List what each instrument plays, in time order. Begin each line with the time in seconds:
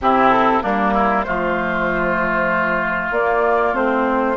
0.01 bassoon C3, clarinet C4, oboe E4, flute G4
0.30 flute A4
0.62 bassoon G3, clarinet A#3, oboe D4, flute A#4
0.93 oboe E4
1.23 bassoon F3, clarinet A3, oboe F4, flute C5
3.11 bassoon A#3, clarinet A#3, flute D5
3.73 bassoon A3, clarinet C4, flute C5